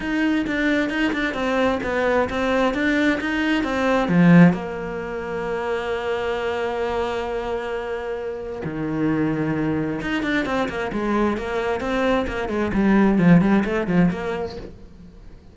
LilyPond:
\new Staff \with { instrumentName = "cello" } { \time 4/4 \tempo 4 = 132 dis'4 d'4 dis'8 d'8 c'4 | b4 c'4 d'4 dis'4 | c'4 f4 ais2~ | ais1~ |
ais2. dis4~ | dis2 dis'8 d'8 c'8 ais8 | gis4 ais4 c'4 ais8 gis8 | g4 f8 g8 a8 f8 ais4 | }